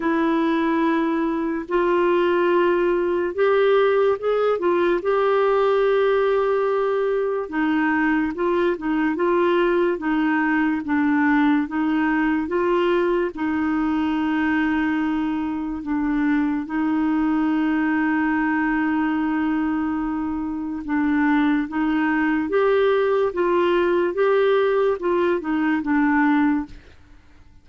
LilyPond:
\new Staff \with { instrumentName = "clarinet" } { \time 4/4 \tempo 4 = 72 e'2 f'2 | g'4 gis'8 f'8 g'2~ | g'4 dis'4 f'8 dis'8 f'4 | dis'4 d'4 dis'4 f'4 |
dis'2. d'4 | dis'1~ | dis'4 d'4 dis'4 g'4 | f'4 g'4 f'8 dis'8 d'4 | }